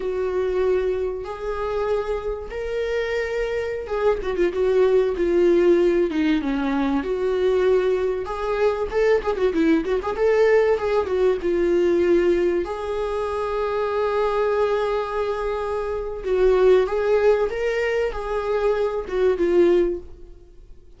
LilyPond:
\new Staff \with { instrumentName = "viola" } { \time 4/4 \tempo 4 = 96 fis'2 gis'2 | ais'2~ ais'16 gis'8 fis'16 f'16 fis'8.~ | fis'16 f'4. dis'8 cis'4 fis'8.~ | fis'4~ fis'16 gis'4 a'8 gis'16 fis'16 e'8 fis'16 |
gis'16 a'4 gis'8 fis'8 f'4.~ f'16~ | f'16 gis'2.~ gis'8.~ | gis'2 fis'4 gis'4 | ais'4 gis'4. fis'8 f'4 | }